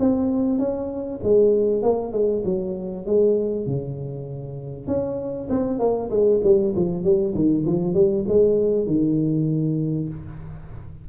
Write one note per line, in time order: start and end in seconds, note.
0.00 0.59 C4
0.59 1.20 C#4
1.24 1.83 G#3
1.83 2.13 A#3
2.13 2.43 G#3
2.45 3.06 F#3
3.06 3.67 G#3
3.67 4.88 C#3
4.88 5.49 C#4
5.50 5.80 C4
5.80 6.10 A#3
6.11 6.41 G#3
6.44 6.75 G3
6.76 7.04 F3
7.04 7.35 G3
7.35 7.66 D#3
7.66 7.94 F3
7.94 8.25 G3
8.28 8.87 G#3
8.87 10.09 D#3